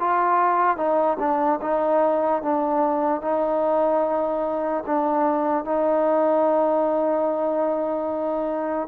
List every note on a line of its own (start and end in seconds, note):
0.00 0.77 F4
0.77 1.18 D#4
1.20 1.60 D4
1.62 2.43 D#4
2.43 3.22 D4
3.22 4.84 D#4
4.87 5.65 D4
5.65 8.89 D#4